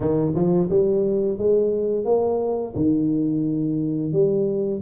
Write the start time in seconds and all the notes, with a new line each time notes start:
0.00 D#3
0.34 F3
0.69 G3
1.38 G#3
2.04 A#3
2.75 D#3
4.12 G3